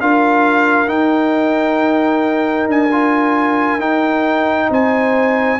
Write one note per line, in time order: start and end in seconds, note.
0.00 0.88 D4
0.00 0.87 F4
0.00 4.70 A#4
0.00 0.88 F5
0.87 2.88 D#4
0.87 2.67 D#4
0.87 2.67 G5
2.67 3.79 D4
2.67 3.80 G#5
2.91 3.80 F4
3.79 4.68 D#4
3.79 5.59 D#4
3.79 4.70 G5
4.70 5.59 C4
4.70 5.59 C5
4.70 5.59 G#5